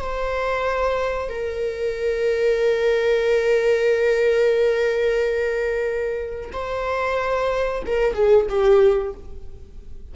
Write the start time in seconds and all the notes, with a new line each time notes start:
0.00 C5
1.29 A#4
6.53 C5
7.86 A#4
8.14 G#4
8.49 G4